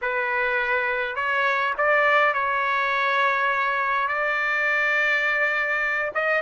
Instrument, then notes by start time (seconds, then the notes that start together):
trumpet
0.01 B4
1.15 C#5
1.77 D5
2.33 C#5
4.08 D5
6.14 D#5